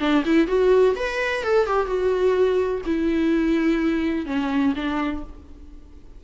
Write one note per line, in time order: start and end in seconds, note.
0.00 0.24 D4
0.25 0.47 E4
0.47 0.95 F#4
0.96 1.43 B4
1.44 1.66 A4
1.66 1.86 G4
1.86 2.81 F#4
2.85 4.26 E4
4.26 4.74 C#4
4.76 5.23 D4